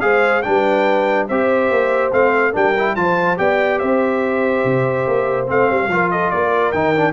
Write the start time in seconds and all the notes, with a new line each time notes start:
0.00 G#3 G#4 C5 F5
0.42 G3 D4 B4 G5
1.27 C4 G4 C5 E5
1.70 A#3
2.12 A3 C4 F5
2.52 G3 D4 A#4 G5
2.78 E4
2.95 F3 F4 C5 A5
3.37 B3 G4 D5 G5
3.79 C4 C5 E5
4.64 C3
5.07 A#3
5.46 A3 C4 F5
5.70 G3
5.88 F3 F4 A#4
6.10 A4 D#5
6.30 A#3 A#4 D5
6.71 D#3 D#4 G5
6.95 D4